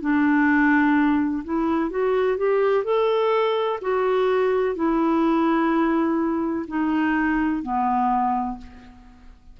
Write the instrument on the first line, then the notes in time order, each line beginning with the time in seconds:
clarinet
0.00 D4
1.44 E4
1.90 F#4
2.37 G4
2.84 A4
3.81 F#4
4.75 E4
6.68 D#4
7.62 B3